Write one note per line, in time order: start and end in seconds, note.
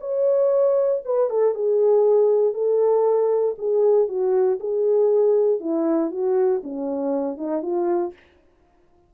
0.00 1.02 C#5
1.05 1.30 B4
1.30 1.55 A4
1.55 2.54 G#4
2.54 3.55 A4
3.58 4.08 G#4
4.08 4.59 F#4
4.60 5.60 G#4
5.60 6.11 E4
6.11 6.62 F#4
6.63 7.37 C#4
7.37 7.62 D#4
7.62 8.13 F4